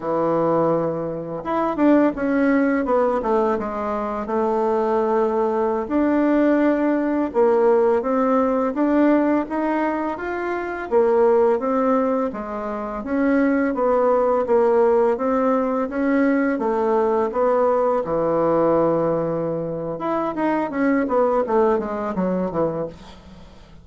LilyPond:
\new Staff \with { instrumentName = "bassoon" } { \time 4/4 \tempo 4 = 84 e2 e'8 d'8 cis'4 | b8 a8 gis4 a2~ | a16 d'2 ais4 c'8.~ | c'16 d'4 dis'4 f'4 ais8.~ |
ais16 c'4 gis4 cis'4 b8.~ | b16 ais4 c'4 cis'4 a8.~ | a16 b4 e2~ e8. | e'8 dis'8 cis'8 b8 a8 gis8 fis8 e8 | }